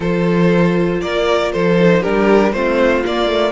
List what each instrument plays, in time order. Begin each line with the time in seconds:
0.00 cello F3, viola F4, violin A4 C5
1.01 cello A#3, violin A#4 D5
1.52 cello F3, violin A4 C5
1.80 viola D#4
2.01 cello G3, viola D4, violin G4 A#4
2.52 cello A3, viola C4, violin F4 C5
3.04 viola A#3, cello A#3, violin D5
3.28 viola A3